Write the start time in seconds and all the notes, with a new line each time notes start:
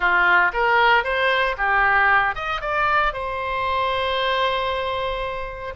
0.00 F4
0.53 A#4
1.03 C5
1.57 G4
2.35 D#5
2.61 D5
3.13 C5